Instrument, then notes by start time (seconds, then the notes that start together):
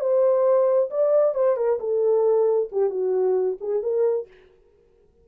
horn
0.00 C5
0.90 D5
1.35 C5
1.57 A#4
1.80 A4
2.72 G4
2.90 F#4
3.60 G#4
3.83 A#4